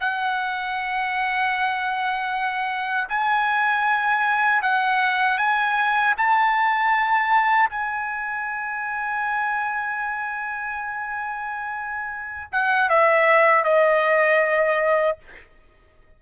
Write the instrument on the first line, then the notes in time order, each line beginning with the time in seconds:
trumpet
0.00 F#5
3.08 G#5
4.62 F#5
5.37 G#5
6.17 A5
7.69 G#5
12.52 F#5
12.89 E5
13.64 D#5